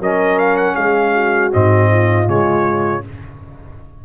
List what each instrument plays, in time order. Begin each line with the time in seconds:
0.00 tuba F#3, trombone C#4, horn A#4, trumpet D#5
0.39 trumpet F5
0.57 trumpet F#5
0.75 tuba G#3, horn G#4, trumpet F5
1.15 horn F#4
1.52 tuba G#2, trombone C4, trumpet D#5
1.90 horn F4
2.26 tuba C#3, trombone G#3, trumpet C#5